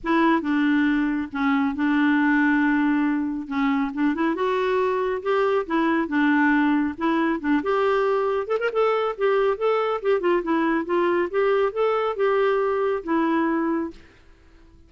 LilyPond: \new Staff \with { instrumentName = "clarinet" } { \time 4/4 \tempo 4 = 138 e'4 d'2 cis'4 | d'1 | cis'4 d'8 e'8 fis'2 | g'4 e'4 d'2 |
e'4 d'8 g'2 a'16 ais'16 | a'4 g'4 a'4 g'8 f'8 | e'4 f'4 g'4 a'4 | g'2 e'2 | }